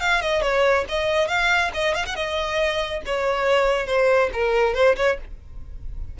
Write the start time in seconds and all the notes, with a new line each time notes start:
0.00 F5
0.21 D#5
0.41 C#5
0.88 D#5
1.28 F5
1.73 D#5
1.94 F5
2.05 F#5
2.15 D#5
3.05 C#5
3.87 C5
4.33 A#4
4.74 C5
4.96 C#5